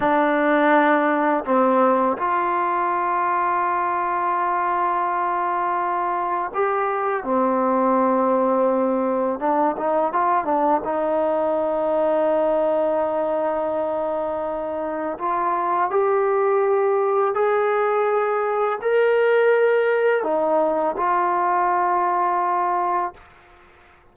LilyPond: \new Staff \with { instrumentName = "trombone" } { \time 4/4 \tempo 4 = 83 d'2 c'4 f'4~ | f'1~ | f'4 g'4 c'2~ | c'4 d'8 dis'8 f'8 d'8 dis'4~ |
dis'1~ | dis'4 f'4 g'2 | gis'2 ais'2 | dis'4 f'2. | }